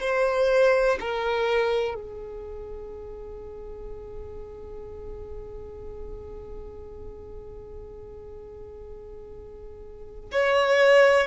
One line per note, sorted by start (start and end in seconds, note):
0.00 0.98 C5
1.00 1.94 A#4
1.94 10.31 G#4
10.32 11.27 C#5